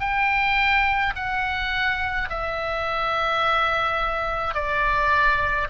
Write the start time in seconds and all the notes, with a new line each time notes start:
0.00 G5
1.15 F#5
2.30 E5
4.54 D5